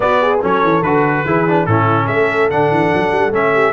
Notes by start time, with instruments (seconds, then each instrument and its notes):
0.00 trombone B3, tuba B3, horn F#4, trumpet D5
0.22 horn G#4
0.41 tuba F#3, trombone C#4, horn A4, trumpet C#5
0.63 tuba E3
0.82 tuba D3, trombone F#4, trumpet B4
1.24 tuba E3, trombone E4, horn G#4
1.47 trombone D4
1.66 tuba A2, trombone C#4, horn E4, trumpet A4
2.05 tuba A3, horn A4, trumpet E5
2.50 tuba D3, trombone D4, trumpet F#5
2.71 tuba E3
2.94 tuba F#3
3.11 tuba G3
3.31 tuba A3, trombone C#4, trumpet E5
3.53 horn G4